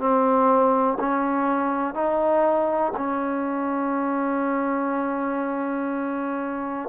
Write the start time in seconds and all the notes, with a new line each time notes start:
0.00 C4
1.00 C#4
1.95 D#4
2.97 C#4